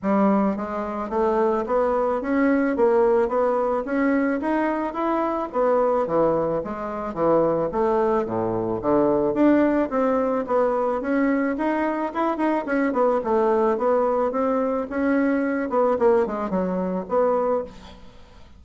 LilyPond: \new Staff \with { instrumentName = "bassoon" } { \time 4/4 \tempo 4 = 109 g4 gis4 a4 b4 | cis'4 ais4 b4 cis'4 | dis'4 e'4 b4 e4 | gis4 e4 a4 a,4 |
d4 d'4 c'4 b4 | cis'4 dis'4 e'8 dis'8 cis'8 b8 | a4 b4 c'4 cis'4~ | cis'8 b8 ais8 gis8 fis4 b4 | }